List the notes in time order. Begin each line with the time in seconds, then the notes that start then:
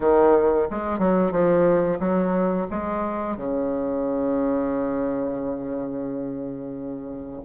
0.00 D#3
0.70 G#3
0.99 F#3
1.31 F3
1.99 F#3
2.70 G#3
3.36 C#3